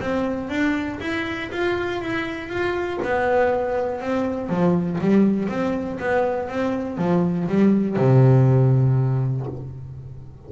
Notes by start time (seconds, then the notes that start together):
0.00 C4
0.49 D4
1.00 E4
1.51 F4
2.01 E4
2.48 F4
3.02 B3
4.00 C4
4.49 F3
5.00 G3
5.48 C4
5.99 B3
6.48 C4
6.97 F3
7.48 G3
7.96 C3